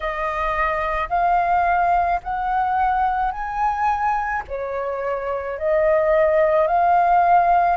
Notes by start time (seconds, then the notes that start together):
0.00 D#5
1.09 F5
2.23 F#5
3.31 G#5
4.47 C#5
5.58 D#5
6.67 F5